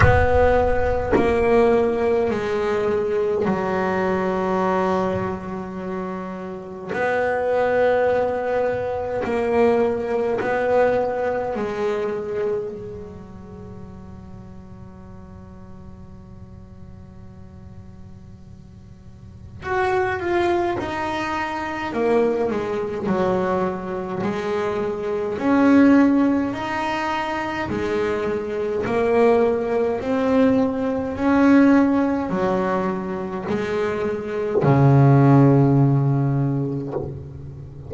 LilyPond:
\new Staff \with { instrumentName = "double bass" } { \time 4/4 \tempo 4 = 52 b4 ais4 gis4 fis4~ | fis2 b2 | ais4 b4 gis4 fis4~ | fis1~ |
fis4 fis'8 f'8 dis'4 ais8 gis8 | fis4 gis4 cis'4 dis'4 | gis4 ais4 c'4 cis'4 | fis4 gis4 cis2 | }